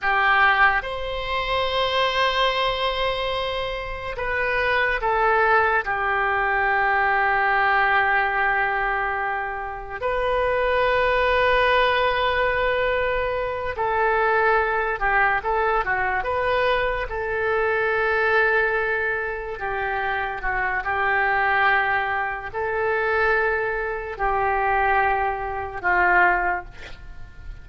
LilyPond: \new Staff \with { instrumentName = "oboe" } { \time 4/4 \tempo 4 = 72 g'4 c''2.~ | c''4 b'4 a'4 g'4~ | g'1 | b'1~ |
b'8 a'4. g'8 a'8 fis'8 b'8~ | b'8 a'2. g'8~ | g'8 fis'8 g'2 a'4~ | a'4 g'2 f'4 | }